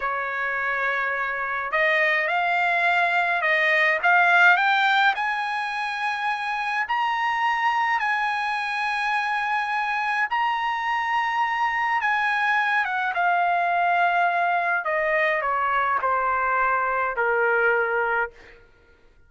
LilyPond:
\new Staff \with { instrumentName = "trumpet" } { \time 4/4 \tempo 4 = 105 cis''2. dis''4 | f''2 dis''4 f''4 | g''4 gis''2. | ais''2 gis''2~ |
gis''2 ais''2~ | ais''4 gis''4. fis''8 f''4~ | f''2 dis''4 cis''4 | c''2 ais'2 | }